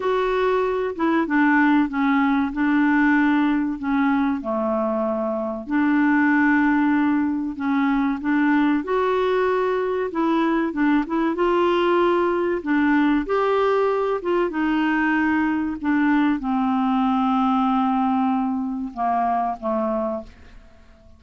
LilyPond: \new Staff \with { instrumentName = "clarinet" } { \time 4/4 \tempo 4 = 95 fis'4. e'8 d'4 cis'4 | d'2 cis'4 a4~ | a4 d'2. | cis'4 d'4 fis'2 |
e'4 d'8 e'8 f'2 | d'4 g'4. f'8 dis'4~ | dis'4 d'4 c'2~ | c'2 ais4 a4 | }